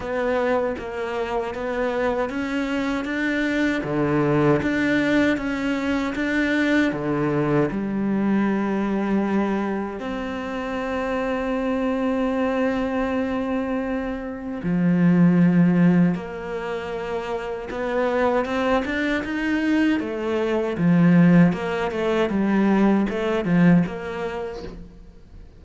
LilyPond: \new Staff \with { instrumentName = "cello" } { \time 4/4 \tempo 4 = 78 b4 ais4 b4 cis'4 | d'4 d4 d'4 cis'4 | d'4 d4 g2~ | g4 c'2.~ |
c'2. f4~ | f4 ais2 b4 | c'8 d'8 dis'4 a4 f4 | ais8 a8 g4 a8 f8 ais4 | }